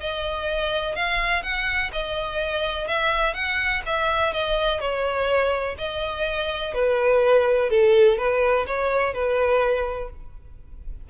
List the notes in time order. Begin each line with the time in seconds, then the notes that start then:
0.00 D#5
0.96 F5
1.43 F#5
1.92 D#5
2.88 E5
3.34 F#5
3.86 E5
4.33 D#5
4.80 C#5
5.78 D#5
6.74 B4
7.70 A4
8.18 B4
8.67 C#5
9.14 B4